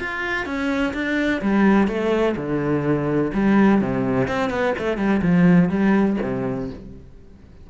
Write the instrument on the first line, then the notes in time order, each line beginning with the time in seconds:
cello
0.00 F4
0.46 C#4
0.94 D4
1.42 G3
1.88 A3
2.37 D3
3.34 G3
3.82 C3
4.28 C4
4.51 B3
4.79 A3
4.98 G3
5.23 F3
5.70 G3
6.23 C3